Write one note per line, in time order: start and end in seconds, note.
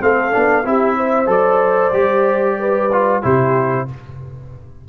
0.00 0.33 A3
0.00 0.31 C4
0.00 0.66 A4
0.00 0.66 F5
0.31 0.65 B3
0.31 0.63 D4
0.65 1.27 C4
0.65 1.26 E4
0.65 0.96 G4
0.65 1.30 E5
0.96 2.58 C5
1.26 1.91 F#3
1.26 1.90 A4
1.26 3.23 D5
1.92 3.21 G3
1.92 2.90 G4
2.59 3.24 B4
2.92 3.22 F4
3.22 3.88 C3
3.22 3.87 E4
3.22 3.88 G4
3.22 3.88 C5